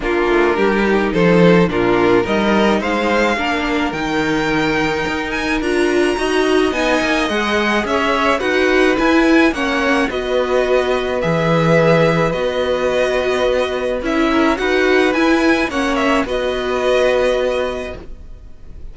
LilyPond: <<
  \new Staff \with { instrumentName = "violin" } { \time 4/4 \tempo 4 = 107 ais'2 c''4 ais'4 | dis''4 f''2 g''4~ | g''4. gis''8 ais''2 | gis''4 fis''4 e''4 fis''4 |
gis''4 fis''4 dis''2 | e''2 dis''2~ | dis''4 e''4 fis''4 gis''4 | fis''8 e''8 dis''2. | }
  \new Staff \with { instrumentName = "violin" } { \time 4/4 f'4 g'4 a'4 f'4 | ais'4 c''4 ais'2~ | ais'2. dis''4~ | dis''2 cis''4 b'4~ |
b'4 cis''4 b'2~ | b'1~ | b'4. ais'8 b'2 | cis''4 b'2. | }
  \new Staff \with { instrumentName = "viola" } { \time 4/4 d'4. dis'4. d'4 | dis'2 d'4 dis'4~ | dis'2 f'4 fis'4 | dis'4 gis'2 fis'4 |
e'4 cis'4 fis'2 | gis'2 fis'2~ | fis'4 e'4 fis'4 e'4 | cis'4 fis'2. | }
  \new Staff \with { instrumentName = "cello" } { \time 4/4 ais8 a8 g4 f4 ais,4 | g4 gis4 ais4 dis4~ | dis4 dis'4 d'4 dis'4 | b8 ais8 gis4 cis'4 dis'4 |
e'4 ais4 b2 | e2 b2~ | b4 cis'4 dis'4 e'4 | ais4 b2. | }
>>